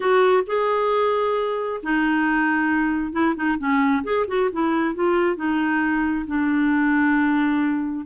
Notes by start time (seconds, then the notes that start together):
0.00 F#4
0.46 G#4
1.82 D#4
3.12 E4
3.35 D#4
3.58 C#4
4.03 G#4
4.27 F#4
4.52 E4
4.94 F4
5.36 D#4
6.26 D4